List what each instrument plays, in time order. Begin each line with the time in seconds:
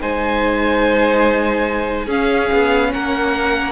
0.00 cello G#3, viola D#4, violin C5 G#5
2.05 cello C#4, viola C#4, violin G#4 F5
2.52 cello B3
2.93 cello A#3, violin A#4 F#5